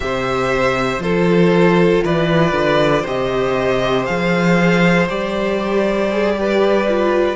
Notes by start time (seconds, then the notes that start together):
0.00 C3 G4 C5 E5
0.98 F3 F4 A4 C5
2.04 E3 B4 D5
2.52 D3
3.02 C3 G4 C5 D#5
4.05 F3 G#4 F5
5.09 G3 G4 D5
6.11 G#4
6.35 G4 B4
6.88 F4